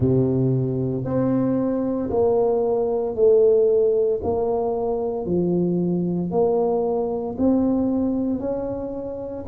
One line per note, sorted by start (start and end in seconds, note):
0.00 1.04 C3
1.04 2.09 C4
2.10 3.15 A#3
3.15 4.20 A3
4.23 5.25 A#3
5.25 6.30 F3
6.30 7.35 A#3
7.37 8.39 C4
8.39 9.44 C#4